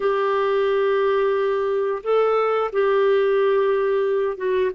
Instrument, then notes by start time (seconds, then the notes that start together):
clarinet
0.00 G4
2.03 A4
2.72 G4
4.37 F#4